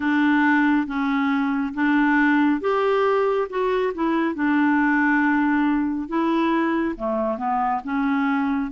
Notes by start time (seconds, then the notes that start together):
0.00 D4
0.87 C#4
1.74 D4
2.60 G4
3.49 F#4
3.94 E4
4.34 D4
6.08 E4
6.96 A3
7.37 B3
7.84 C#4